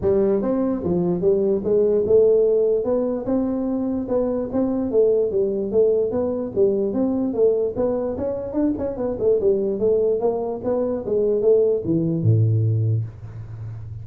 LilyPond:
\new Staff \with { instrumentName = "tuba" } { \time 4/4 \tempo 4 = 147 g4 c'4 f4 g4 | gis4 a2 b4 | c'2 b4 c'4 | a4 g4 a4 b4 |
g4 c'4 a4 b4 | cis'4 d'8 cis'8 b8 a8 g4 | a4 ais4 b4 gis4 | a4 e4 a,2 | }